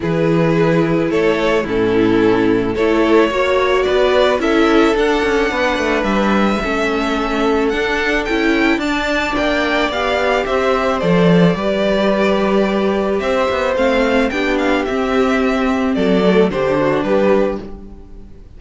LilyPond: <<
  \new Staff \with { instrumentName = "violin" } { \time 4/4 \tempo 4 = 109 b'2 cis''4 a'4~ | a'4 cis''2 d''4 | e''4 fis''2 e''4~ | e''2 fis''4 g''4 |
a''4 g''4 f''4 e''4 | d''1 | e''4 f''4 g''8 f''8 e''4~ | e''4 d''4 c''4 b'4 | }
  \new Staff \with { instrumentName = "violin" } { \time 4/4 gis'2 a'4 e'4~ | e'4 a'4 cis''4 b'4 | a'2 b'2 | a'1 |
d''2. c''4~ | c''4 b'2. | c''2 g'2~ | g'4 a'4 g'8 fis'8 g'4 | }
  \new Staff \with { instrumentName = "viola" } { \time 4/4 e'2. cis'4~ | cis'4 e'4 fis'2 | e'4 d'2. | cis'2 d'4 e'4 |
d'2 g'2 | a'4 g'2.~ | g'4 c'4 d'4 c'4~ | c'4. a8 d'2 | }
  \new Staff \with { instrumentName = "cello" } { \time 4/4 e2 a4 a,4~ | a,4 a4 ais4 b4 | cis'4 d'8 cis'8 b8 a8 g4 | a2 d'4 cis'4 |
d'4 ais4 b4 c'4 | f4 g2. | c'8 b8 a4 b4 c'4~ | c'4 fis4 d4 g4 | }
>>